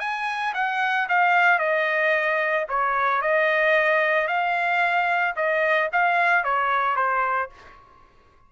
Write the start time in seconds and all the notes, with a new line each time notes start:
0.00 G#5
0.54 F#5
1.09 F5
1.59 D#5
2.69 C#5
3.22 D#5
4.28 F5
5.36 D#5
5.93 F5
6.44 C#5
6.96 C5